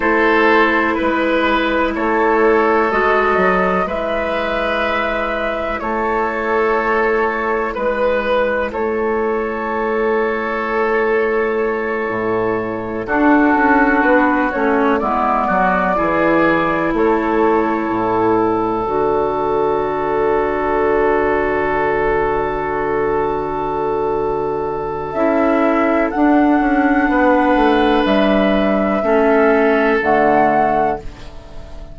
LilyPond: <<
  \new Staff \with { instrumentName = "flute" } { \time 4/4 \tempo 4 = 62 c''4 b'4 cis''4 dis''4 | e''2 cis''2 | b'4 cis''2.~ | cis''4. a'4 b'8 cis''8 d''8~ |
d''4. cis''4. d''4~ | d''1~ | d''2 e''4 fis''4~ | fis''4 e''2 fis''4 | }
  \new Staff \with { instrumentName = "oboe" } { \time 4/4 a'4 b'4 a'2 | b'2 a'2 | b'4 a'2.~ | a'4. fis'2 e'8 |
fis'8 gis'4 a'2~ a'8~ | a'1~ | a'1 | b'2 a'2 | }
  \new Staff \with { instrumentName = "clarinet" } { \time 4/4 e'2. fis'4 | e'1~ | e'1~ | e'4. d'4. cis'8 b8~ |
b8 e'2. fis'8~ | fis'1~ | fis'2 e'4 d'4~ | d'2 cis'4 a4 | }
  \new Staff \with { instrumentName = "bassoon" } { \time 4/4 a4 gis4 a4 gis8 fis8 | gis2 a2 | gis4 a2.~ | a8 a,4 d'8 cis'8 b8 a8 gis8 |
fis8 e4 a4 a,4 d8~ | d1~ | d2 cis'4 d'8 cis'8 | b8 a8 g4 a4 d4 | }
>>